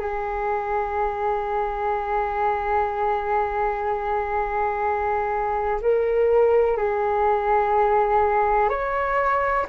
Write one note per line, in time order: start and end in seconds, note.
0.00 5.81 G#4
5.82 6.77 A#4
6.77 8.70 G#4
8.70 9.66 C#5